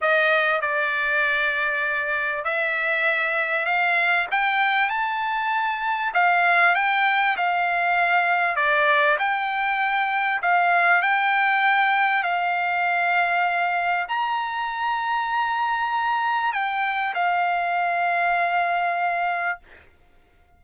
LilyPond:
\new Staff \with { instrumentName = "trumpet" } { \time 4/4 \tempo 4 = 98 dis''4 d''2. | e''2 f''4 g''4 | a''2 f''4 g''4 | f''2 d''4 g''4~ |
g''4 f''4 g''2 | f''2. ais''4~ | ais''2. g''4 | f''1 | }